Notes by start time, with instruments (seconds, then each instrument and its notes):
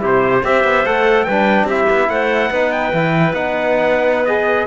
0.00 cello C3, trombone E4, clarinet G4, trumpet C5
0.44 cello C4, trombone G4, clarinet C5, trumpet E5
0.64 cello B3
0.86 cello A3, trombone A4, trumpet F#5
1.25 cello G3, clarinet B4, trumpet G5
1.31 trombone D4
1.64 cello C4, clarinet G4, trumpet E5
1.72 trombone E4
1.90 cello B3
2.09 cello A3, clarinet C5, trumpet F#5
2.51 cello B3, trombone D#4, clarinet B4
2.72 trumpet G5
2.93 cello E3, trombone E4
3.33 cello B3, trombone D#4, trumpet F#5
4.26 trombone G#4, trumpet D#5